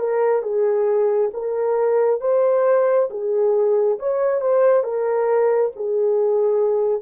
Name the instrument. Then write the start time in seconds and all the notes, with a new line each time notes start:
horn
0.00 A#4
0.43 G#4
1.34 A#4
2.21 C5
3.11 G#4
3.99 C#5
4.41 C5
4.84 A#4
5.76 G#4